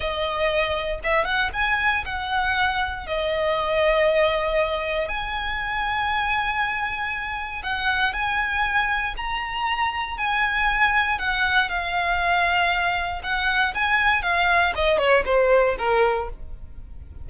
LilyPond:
\new Staff \with { instrumentName = "violin" } { \time 4/4 \tempo 4 = 118 dis''2 e''8 fis''8 gis''4 | fis''2 dis''2~ | dis''2 gis''2~ | gis''2. fis''4 |
gis''2 ais''2 | gis''2 fis''4 f''4~ | f''2 fis''4 gis''4 | f''4 dis''8 cis''8 c''4 ais'4 | }